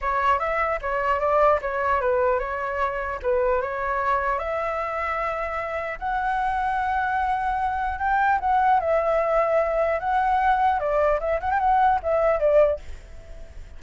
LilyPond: \new Staff \with { instrumentName = "flute" } { \time 4/4 \tempo 4 = 150 cis''4 e''4 cis''4 d''4 | cis''4 b'4 cis''2 | b'4 cis''2 e''4~ | e''2. fis''4~ |
fis''1 | g''4 fis''4 e''2~ | e''4 fis''2 d''4 | e''8 fis''16 g''16 fis''4 e''4 d''4 | }